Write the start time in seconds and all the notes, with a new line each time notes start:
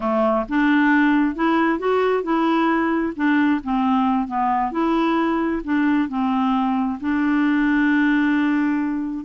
0.00 A3
0.48 D4
1.35 E4
1.78 F#4
2.23 E4
3.15 D4
3.63 C4
4.27 B3
4.71 E4
5.64 D4
6.09 C4
7.00 D4